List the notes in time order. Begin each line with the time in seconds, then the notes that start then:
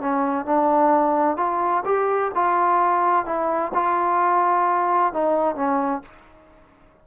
0.00 C#4
0.45 D4
1.37 F4
1.85 G4
2.34 F4
3.25 E4
3.74 F4
5.13 D#4
5.55 C#4